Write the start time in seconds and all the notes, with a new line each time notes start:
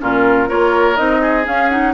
0.00 A#2 C#4 F4 A#4
0.48 A#3 F4 A#4 C#5
0.97 C4 D#4 D#5
1.21 G#4
1.44 C#4 F5
1.70 D#4 F#5